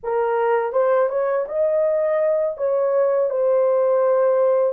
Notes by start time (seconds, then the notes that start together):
0.03 A#4
0.72 C5
1.09 C#5
1.47 D#5
2.57 C#5
3.30 C5